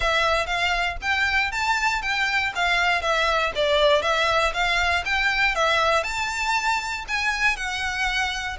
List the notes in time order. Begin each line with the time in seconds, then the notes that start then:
0.00 E5
0.46 F5
1.01 G5
1.51 A5
2.02 G5
2.55 F5
3.01 E5
3.55 D5
4.02 E5
4.53 F5
5.05 G5
5.55 E5
6.03 A5
7.08 G#5
7.56 F#5